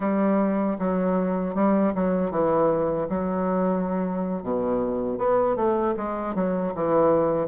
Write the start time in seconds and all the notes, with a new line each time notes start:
0.00 G3
0.78 F#3
1.54 G3
1.94 F#3
2.30 E3
3.09 F#3
4.42 B2
5.17 B3
5.56 A3
5.96 G#3
6.35 F#3
6.74 E3